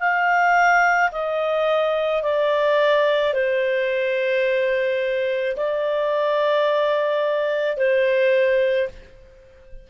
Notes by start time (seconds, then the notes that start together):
0.00 F5
1.12 D#5
2.23 D5
3.34 C5
5.57 D5
7.77 C5